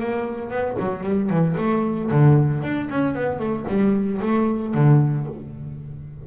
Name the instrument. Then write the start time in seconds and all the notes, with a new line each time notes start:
double bass
0.00 A#3
0.50 B3
0.80 F#3
1.04 G3
1.30 E3
1.58 A3
2.11 D3
2.63 D4
2.90 C#4
3.15 B3
3.39 A3
3.68 G3
4.22 A3
4.74 D3